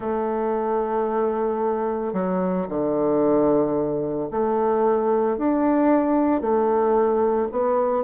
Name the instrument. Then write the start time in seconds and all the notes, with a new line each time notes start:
bassoon
0.00 A3
2.13 F#3
2.68 D3
4.31 A3
5.37 D4
6.40 A3
7.51 B3